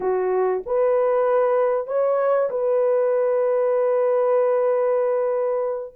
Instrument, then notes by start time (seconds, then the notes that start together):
horn
0.00 F#4
0.66 B4
1.87 C#5
2.50 B4